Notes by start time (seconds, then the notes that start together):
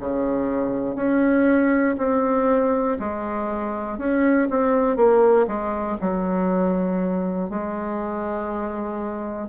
0.00 C#3
0.96 C#4
1.98 C4
2.99 G#3
3.99 C#4
4.50 C4
4.97 A#3
5.47 G#3
6.01 F#3
7.50 G#3